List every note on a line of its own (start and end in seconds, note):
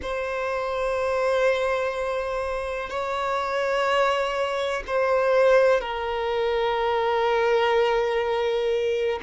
0.02 2.89 C5
2.89 4.83 C#5
4.87 5.81 C5
5.81 9.19 A#4